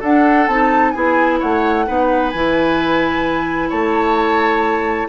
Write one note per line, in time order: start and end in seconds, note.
0.00 0.48 D4
0.00 0.49 D4
0.00 0.92 A4
0.00 0.47 F#5
0.47 0.94 C4
0.47 0.95 D#4
0.47 0.92 A5
0.92 1.41 B3
0.92 1.86 E4
0.92 1.40 G#4
0.92 1.38 G#5
1.40 1.88 A3
1.40 1.86 C#5
1.40 2.30 F#5
1.86 2.34 B3
1.86 2.32 D#4
1.86 3.69 B4
2.30 3.72 E3
2.30 5.09 E4
2.30 3.69 G#5
3.69 5.09 A3
3.69 5.08 C#5
3.69 5.09 A5